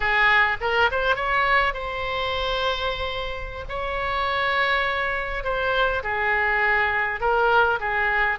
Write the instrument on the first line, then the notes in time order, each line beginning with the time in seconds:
oboe
0.00 G#4
0.60 A#4
0.91 C5
1.15 C#5
1.73 C5
3.68 C#5
5.44 C5
6.03 G#4
7.20 A#4
7.79 G#4